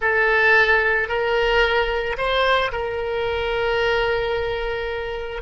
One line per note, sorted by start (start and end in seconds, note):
0.01 1.08 A4
1.08 2.16 A#4
2.17 2.71 C5
2.72 5.42 A#4